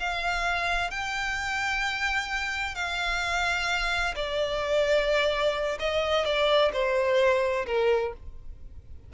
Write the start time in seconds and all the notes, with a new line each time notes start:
0.00 F5
0.91 G5
2.76 F5
4.16 D5
5.80 D#5
6.26 D5
6.73 C5
7.67 A#4